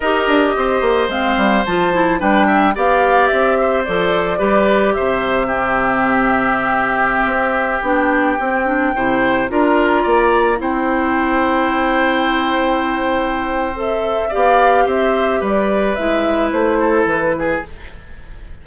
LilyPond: <<
  \new Staff \with { instrumentName = "flute" } { \time 4/4 \tempo 4 = 109 dis''2 f''4 a''4 | g''4 f''4 e''4 d''4~ | d''4 e''2.~ | e''2~ e''16 g''4.~ g''16~ |
g''4~ g''16 ais''2 g''8.~ | g''1~ | g''4 e''4 f''4 e''4 | d''4 e''4 c''4 b'4 | }
  \new Staff \with { instrumentName = "oboe" } { \time 4/4 ais'4 c''2. | b'8 e''8 d''4. c''4. | b'4 c''4 g'2~ | g'1~ |
g'16 c''4 ais'4 d''4 c''8.~ | c''1~ | c''2 d''4 c''4 | b'2~ b'8 a'4 gis'8 | }
  \new Staff \with { instrumentName = "clarinet" } { \time 4/4 g'2 c'4 f'8 e'8 | d'4 g'2 a'4 | g'2 c'2~ | c'2~ c'16 d'4 c'8 d'16~ |
d'16 e'4 f'2 e'8.~ | e'1~ | e'4 a'4 g'2~ | g'4 e'2. | }
  \new Staff \with { instrumentName = "bassoon" } { \time 4/4 dis'8 d'8 c'8 ais8 gis8 g8 f4 | g4 b4 c'4 f4 | g4 c2.~ | c4~ c16 c'4 b4 c'8.~ |
c'16 c4 d'4 ais4 c'8.~ | c'1~ | c'2 b4 c'4 | g4 gis4 a4 e4 | }
>>